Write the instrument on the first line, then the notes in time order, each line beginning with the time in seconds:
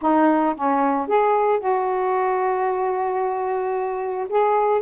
saxophone
0.01 D#4
0.55 C#4
1.07 G#4
1.59 F#4
4.29 G#4